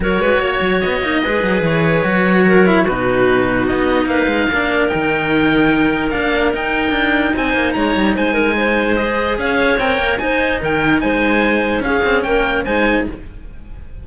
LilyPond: <<
  \new Staff \with { instrumentName = "oboe" } { \time 4/4 \tempo 4 = 147 cis''2 dis''2 | cis''2. b'4~ | b'4 dis''4 f''2 | g''2. f''4 |
g''2 gis''4 ais''4 | gis''2 dis''4 f''4 | g''4 gis''4 g''4 gis''4~ | gis''4 f''4 g''4 gis''4 | }
  \new Staff \with { instrumentName = "clarinet" } { \time 4/4 ais'8 b'8 cis''2 b'4~ | b'2 ais'4 fis'4~ | fis'2 b'4 ais'4~ | ais'1~ |
ais'2 c''4 cis''4 | c''8 ais'8 c''2 cis''4~ | cis''4 c''4 ais'4 c''4~ | c''4 gis'4 ais'4 c''4 | }
  \new Staff \with { instrumentName = "cello" } { \time 4/4 fis'2~ fis'8 dis'8 gis'4~ | gis'4 fis'4. e'8 dis'4~ | dis'2. d'4 | dis'2. d'4 |
dis'1~ | dis'2 gis'2 | ais'4 dis'2.~ | dis'4 cis'2 dis'4 | }
  \new Staff \with { instrumentName = "cello" } { \time 4/4 fis8 gis8 ais8 fis8 b8 ais8 gis8 fis8 | e4 fis2 b,4~ | b,4 b4 ais8 gis8 ais4 | dis2. ais4 |
dis'4 d'4 c'8 ais8 gis8 g8 | gis2. cis'4 | c'8 ais8 dis'4 dis4 gis4~ | gis4 cis'8 c'8 ais4 gis4 | }
>>